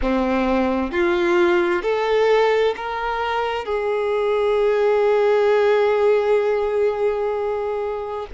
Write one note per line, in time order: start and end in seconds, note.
0.01 0.91 C4
0.91 1.82 F4
1.82 2.74 A4
2.76 3.65 A#4
3.65 8.26 G#4